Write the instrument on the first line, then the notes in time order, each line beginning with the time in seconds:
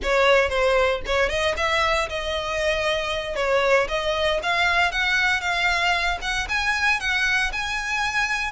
violin
0.03 C#5
0.49 C5
1.06 C#5
1.29 D#5
1.57 E5
2.09 D#5
3.35 C#5
3.88 D#5
4.42 F5
4.91 F#5
5.41 F5
6.21 F#5
6.48 G#5
7.00 F#5
7.52 G#5